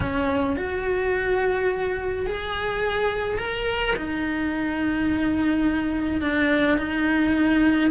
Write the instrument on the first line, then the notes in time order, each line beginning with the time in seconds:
cello
0.00 C#4
0.56 F#4
2.26 G#4
3.38 A#4
3.96 D#4
6.21 D4
6.77 D#4